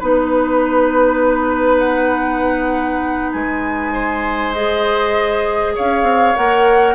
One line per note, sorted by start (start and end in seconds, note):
0.00 3.34 B3
0.00 4.55 D#4
0.00 3.93 B4
0.00 1.80 B4
1.80 3.31 F#5
3.32 5.77 G#3
3.32 4.53 G#5
3.93 5.74 C5
4.53 6.36 G#4
4.53 5.74 D#5
5.75 6.03 C#4
5.75 6.95 C#5
5.75 6.36 F5
6.03 6.33 C4
6.36 6.95 A#3
6.36 6.95 A#4
6.36 6.95 F#5